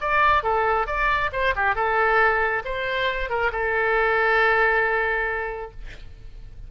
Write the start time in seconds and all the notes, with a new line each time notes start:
0.00 D5
0.43 A4
0.86 D5
1.32 C5
1.55 G4
1.75 A4
2.64 C5
3.29 A#4
3.52 A4